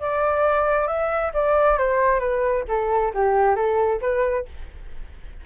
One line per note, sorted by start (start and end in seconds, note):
0.00 0.87 D5
0.87 1.32 E5
1.34 1.78 D5
1.78 2.20 C5
2.20 2.64 B4
2.68 3.13 A4
3.14 3.56 G4
3.56 4.00 A4
4.01 4.45 B4